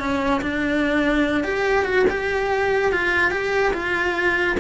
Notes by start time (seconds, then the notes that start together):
0.00 C#4
0.42 D4
1.44 G4
1.86 F#4
2.10 G4
2.93 F4
3.31 G4
3.74 F4